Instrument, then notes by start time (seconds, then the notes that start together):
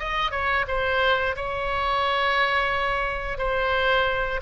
oboe
0.00 D#5
0.32 C#5
0.68 C5
1.37 C#5
3.38 C5